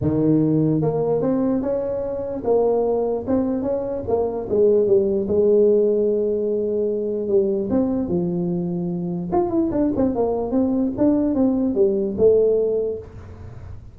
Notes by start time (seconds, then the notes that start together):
0.01 D#3
0.81 A#3
1.21 C4
1.61 C#4
2.44 A#3
3.27 C4
3.62 C#4
4.07 A#3
4.49 G#3
4.86 G3
5.28 G#3
7.28 G3
7.70 C4
8.08 F3
9.32 F4
9.50 E4
9.71 D4
9.95 C4
10.15 A#3
10.51 C4
10.97 D4
11.34 C4
11.75 G3
12.17 A3